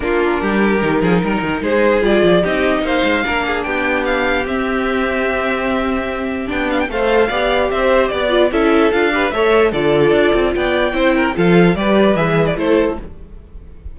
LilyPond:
<<
  \new Staff \with { instrumentName = "violin" } { \time 4/4 \tempo 4 = 148 ais'1 | c''4 d''4 dis''4 f''4~ | f''4 g''4 f''4 e''4~ | e''1 |
g''8 f''16 g''16 f''2 e''4 | d''4 e''4 f''4 e''4 | d''2 g''2 | f''4 d''4 e''8. d''16 c''4 | }
  \new Staff \with { instrumentName = "violin" } { \time 4/4 f'4 g'4. gis'8 ais'4 | gis'2 g'4 c''4 | ais'8 gis'8 g'2.~ | g'1~ |
g'4 c''4 d''4 c''4 | d''4 a'4. b'8 cis''4 | a'2 d''4 c''8 ais'8 | a'4 b'2 a'4 | }
  \new Staff \with { instrumentName = "viola" } { \time 4/4 d'2 dis'2~ | dis'4 f'4 dis'2 | d'2. c'4~ | c'1 |
d'4 a'4 g'2~ | g'8 f'8 e'4 f'8 g'8 a'4 | f'2. e'4 | f'4 g'4 gis'4 e'4 | }
  \new Staff \with { instrumentName = "cello" } { \time 4/4 ais4 g4 dis8 f8 g8 dis8 | gis4 g8 f8 c'4 ais8 gis8 | ais4 b2 c'4~ | c'1 |
b4 a4 b4 c'4 | b4 cis'4 d'4 a4 | d4 d'8 c'8 b4 c'4 | f4 g4 e4 a4 | }
>>